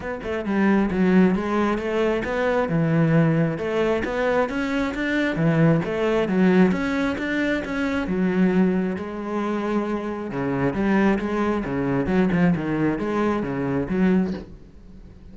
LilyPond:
\new Staff \with { instrumentName = "cello" } { \time 4/4 \tempo 4 = 134 b8 a8 g4 fis4 gis4 | a4 b4 e2 | a4 b4 cis'4 d'4 | e4 a4 fis4 cis'4 |
d'4 cis'4 fis2 | gis2. cis4 | g4 gis4 cis4 fis8 f8 | dis4 gis4 cis4 fis4 | }